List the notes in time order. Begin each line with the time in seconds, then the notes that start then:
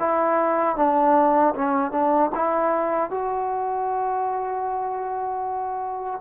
0.00 E4
0.77 D4
1.55 C#4
1.92 D4
2.36 E4
3.11 F#4